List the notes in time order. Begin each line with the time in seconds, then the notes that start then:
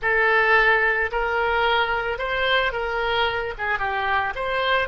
0.01 A4
1.11 A#4
2.18 C5
2.72 A#4
3.58 G#4
3.79 G4
4.35 C5